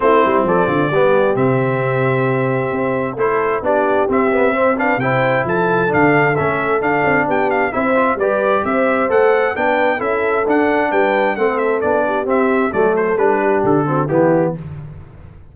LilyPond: <<
  \new Staff \with { instrumentName = "trumpet" } { \time 4/4 \tempo 4 = 132 c''4 d''2 e''4~ | e''2. c''4 | d''4 e''4. f''8 g''4 | a''4 f''4 e''4 f''4 |
g''8 f''8 e''4 d''4 e''4 | fis''4 g''4 e''4 fis''4 | g''4 fis''8 e''8 d''4 e''4 | d''8 c''8 b'4 a'4 g'4 | }
  \new Staff \with { instrumentName = "horn" } { \time 4/4 e'4 a'8 f'8 g'2~ | g'2. a'4 | g'2 c''8 b'8 c''4 | a'1 |
g'4 c''4 b'4 c''4~ | c''4 b'4 a'2 | b'4 a'4. g'4. | a'4. g'4 fis'8 e'4 | }
  \new Staff \with { instrumentName = "trombone" } { \time 4/4 c'2 b4 c'4~ | c'2. e'4 | d'4 c'8 b8 c'8 d'8 e'4~ | e'4 d'4 cis'4 d'4~ |
d'4 e'8 f'8 g'2 | a'4 d'4 e'4 d'4~ | d'4 c'4 d'4 c'4 | a4 d'4. c'8 b4 | }
  \new Staff \with { instrumentName = "tuba" } { \time 4/4 a8 g8 f8 d8 g4 c4~ | c2 c'4 a4 | b4 c'2 c4 | f4 d4 a4 d'8 c'8 |
b4 c'4 g4 c'4 | a4 b4 cis'4 d'4 | g4 a4 b4 c'4 | fis4 g4 d4 e4 | }
>>